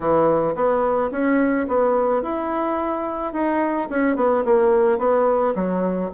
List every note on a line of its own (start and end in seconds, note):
0.00 0.55 E3
0.55 1.10 B3
1.11 1.66 C#4
1.68 2.22 B3
2.22 3.32 E4
3.32 3.88 D#4
3.89 4.16 C#4
4.16 4.43 B3
4.44 4.98 A#3
4.98 5.54 B3
5.55 6.10 F#3